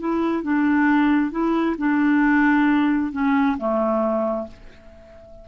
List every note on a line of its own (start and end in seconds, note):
0.00 0.43 E4
0.43 1.31 D4
1.31 1.76 E4
1.78 3.12 D4
3.12 3.57 C#4
3.58 4.48 A3